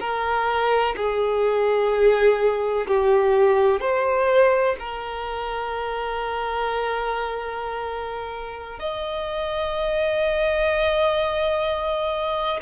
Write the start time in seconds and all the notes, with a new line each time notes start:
0.00 A#4
0.97 G#4
2.88 G4
3.81 C5
4.79 A#4
8.79 D#5